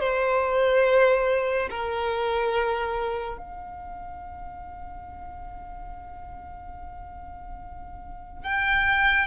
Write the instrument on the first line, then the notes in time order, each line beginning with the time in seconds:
violin
0.00 C5
1.71 A#4
3.38 F5
8.44 G5